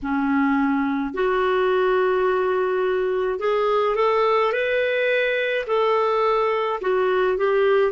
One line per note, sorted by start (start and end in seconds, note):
0.02 1.14 C#4
1.14 3.39 F#4
3.39 3.95 G#4
3.95 4.52 A4
4.52 5.66 B4
5.66 6.79 A4
6.81 7.37 F#4
7.37 7.92 G4